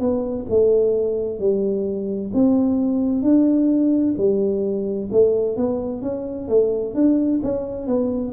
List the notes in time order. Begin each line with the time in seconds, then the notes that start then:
0.00 B3
0.50 A3
1.39 G3
2.34 C4
3.22 D4
4.17 G3
5.12 A3
5.57 B3
6.02 C#4
6.48 A3
6.94 D4
7.43 C#4
7.87 B3